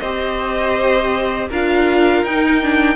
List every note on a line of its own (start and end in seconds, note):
0.00 1.50 C4
0.00 1.52 G4
0.00 1.49 C5
0.00 1.48 D#5
1.50 2.23 D4
1.50 2.27 F4
1.50 2.96 A#4
1.50 2.25 F5
2.23 2.96 D#4
2.23 2.63 D#4
2.23 2.96 G5
2.63 2.96 D4